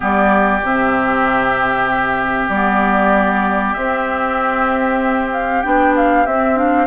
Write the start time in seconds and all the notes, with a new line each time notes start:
0.00 G3 B3 G4 D5
0.62 C3 C4 E5
2.48 G3 B3 D5
3.73 C4 E5
5.32 F5
5.61 B3 D4 G5
5.96 F5
6.26 C4 E5
6.55 D4 F5